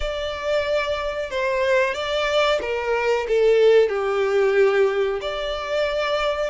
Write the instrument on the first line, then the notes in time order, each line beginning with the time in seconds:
violin
0.00 D5
1.30 C5
1.94 D5
2.61 A#4
3.28 A4
3.89 G4
5.21 D5